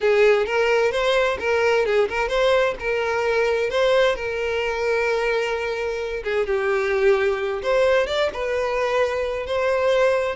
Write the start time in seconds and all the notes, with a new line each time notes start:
0.00 G#4
0.46 A#4
0.91 C5
1.39 A#4
1.85 G#4
2.09 A#4
2.28 C5
2.79 A#4
3.69 C5
4.15 A#4
6.23 G#4
6.46 G4
7.62 C5
8.06 D5
8.33 B4
9.46 C5